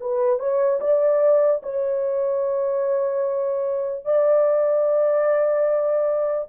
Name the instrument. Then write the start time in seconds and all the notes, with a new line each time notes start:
horn
0.00 B4
0.39 C#5
0.80 D5
1.63 C#5
4.05 D5